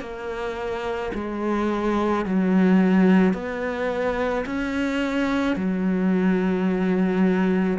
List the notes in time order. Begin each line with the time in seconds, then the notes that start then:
0.00 A#3
1.14 G#3
2.25 F#3
3.33 B3
4.45 C#4
5.56 F#3